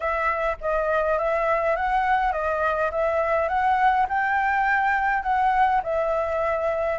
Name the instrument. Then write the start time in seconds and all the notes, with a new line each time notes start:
flute
0.00 E5
0.60 D#5
1.18 E5
1.76 F#5
2.32 D#5
2.91 E5
3.48 F#5
4.09 G5
5.23 F#5
5.83 E5